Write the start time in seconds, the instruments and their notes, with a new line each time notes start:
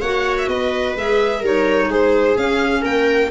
0.00 tuba A#3, clarinet F#4, viola C#5, violin F#5
0.37 violin E5
0.48 tuba B3, viola B4, violin D#5
0.95 tuba G#3, clarinet G#4, violin E5
1.39 tuba G3, clarinet D#4, viola A#4, violin C#5
1.88 tuba G#3, viola G#4, violin C5
2.36 tuba C#4, clarinet C#4, violin F5
2.81 tuba A#3, viola A#4, violin G5